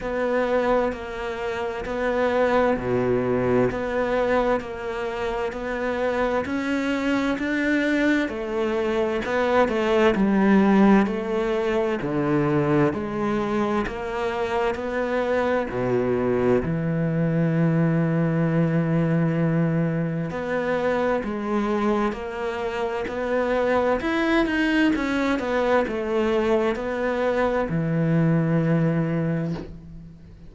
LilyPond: \new Staff \with { instrumentName = "cello" } { \time 4/4 \tempo 4 = 65 b4 ais4 b4 b,4 | b4 ais4 b4 cis'4 | d'4 a4 b8 a8 g4 | a4 d4 gis4 ais4 |
b4 b,4 e2~ | e2 b4 gis4 | ais4 b4 e'8 dis'8 cis'8 b8 | a4 b4 e2 | }